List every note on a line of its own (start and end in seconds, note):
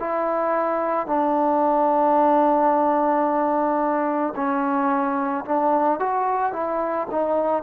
0.00 1.07 E4
1.07 4.34 D4
4.36 5.45 C#4
5.45 6.00 D4
6.00 6.53 F#4
6.53 7.08 E4
7.12 7.64 D#4